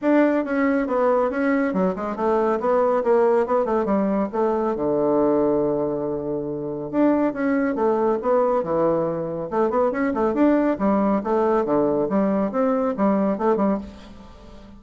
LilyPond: \new Staff \with { instrumentName = "bassoon" } { \time 4/4 \tempo 4 = 139 d'4 cis'4 b4 cis'4 | fis8 gis8 a4 b4 ais4 | b8 a8 g4 a4 d4~ | d1 |
d'4 cis'4 a4 b4 | e2 a8 b8 cis'8 a8 | d'4 g4 a4 d4 | g4 c'4 g4 a8 g8 | }